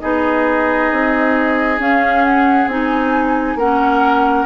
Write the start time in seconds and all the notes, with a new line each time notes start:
0.00 B3 D#4 G#4 D#5
0.91 C4
1.78 C#4 F5
2.23 F#5
2.66 C4 D#4 G#5
3.55 A#3 C#4 A#4 F#5